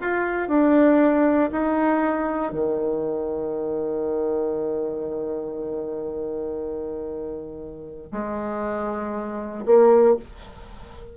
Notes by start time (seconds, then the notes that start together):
0.00 F4
0.48 D4
1.52 D#4
2.52 D#3
8.12 G#3
9.66 A#3